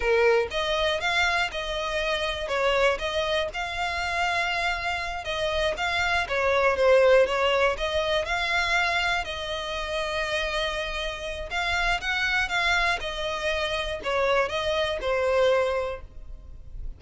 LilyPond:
\new Staff \with { instrumentName = "violin" } { \time 4/4 \tempo 4 = 120 ais'4 dis''4 f''4 dis''4~ | dis''4 cis''4 dis''4 f''4~ | f''2~ f''8 dis''4 f''8~ | f''8 cis''4 c''4 cis''4 dis''8~ |
dis''8 f''2 dis''4.~ | dis''2. f''4 | fis''4 f''4 dis''2 | cis''4 dis''4 c''2 | }